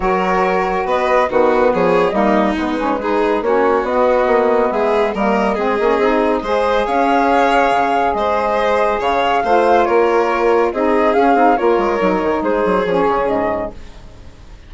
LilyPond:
<<
  \new Staff \with { instrumentName = "flute" } { \time 4/4 \tempo 4 = 140 cis''2 dis''4 b'4 | cis''4 dis''4 b'2 | cis''4 dis''2 e''4 | dis''1 |
f''2. dis''4~ | dis''4 f''2 cis''4~ | cis''4 dis''4 f''4 cis''4~ | cis''4 c''4 cis''4 dis''4 | }
  \new Staff \with { instrumentName = "violin" } { \time 4/4 ais'2 b'4 fis'4 | gis'4 dis'2 gis'4 | fis'2. gis'4 | ais'4 gis'2 c''4 |
cis''2. c''4~ | c''4 cis''4 c''4 ais'4~ | ais'4 gis'2 ais'4~ | ais'4 gis'2. | }
  \new Staff \with { instrumentName = "saxophone" } { \time 4/4 fis'2. b4~ | b4 ais4 b8 cis'8 dis'4 | cis'4 b2. | ais4 c'8 cis'8 dis'4 gis'4~ |
gis'1~ | gis'2 f'2~ | f'4 dis'4 cis'8 dis'8 f'4 | dis'2 cis'2 | }
  \new Staff \with { instrumentName = "bassoon" } { \time 4/4 fis2 b4 dis4 | f4 g4 gis2 | ais4 b4 ais4 gis4 | g4 gis8 ais8 c'4 gis4 |
cis'2 cis4 gis4~ | gis4 cis4 a4 ais4~ | ais4 c'4 cis'8 c'8 ais8 gis8 | fis8 dis8 gis8 fis8 f8 cis8 gis,4 | }
>>